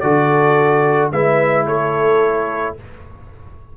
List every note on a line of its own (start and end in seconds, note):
0.00 1.12 D3
0.00 1.12 F#4
0.00 1.12 A4
0.00 1.09 D5
1.12 1.66 G#3
1.12 2.77 E4
1.12 1.66 B4
1.12 1.66 E5
1.66 2.75 A3
1.66 2.76 A4
1.66 2.76 C#5